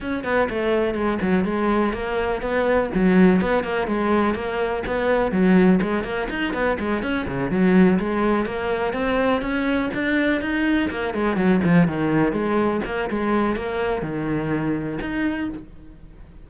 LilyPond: \new Staff \with { instrumentName = "cello" } { \time 4/4 \tempo 4 = 124 cis'8 b8 a4 gis8 fis8 gis4 | ais4 b4 fis4 b8 ais8 | gis4 ais4 b4 fis4 | gis8 ais8 dis'8 b8 gis8 cis'8 cis8 fis8~ |
fis8 gis4 ais4 c'4 cis'8~ | cis'8 d'4 dis'4 ais8 gis8 fis8 | f8 dis4 gis4 ais8 gis4 | ais4 dis2 dis'4 | }